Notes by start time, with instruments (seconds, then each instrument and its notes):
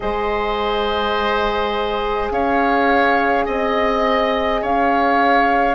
0.00 bassoon G#3, horn G#4, oboe C5, flute D#5
2.30 bassoon C#4, oboe C#5, flute F5
3.45 bassoon C4, oboe D#5, flute D#5
4.61 bassoon C#4, oboe C#5, flute F5